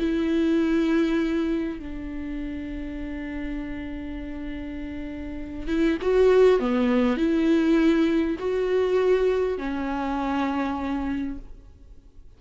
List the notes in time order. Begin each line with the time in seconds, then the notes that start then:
0.00 E4
1.79 D4
5.68 E4
6.02 F#4
6.60 B3
7.17 E4
8.39 F#4
9.58 C#4